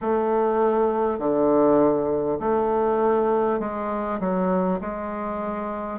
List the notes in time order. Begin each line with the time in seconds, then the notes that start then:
0.01 A3
1.18 D3
2.39 A3
3.59 G#3
4.19 F#3
4.81 G#3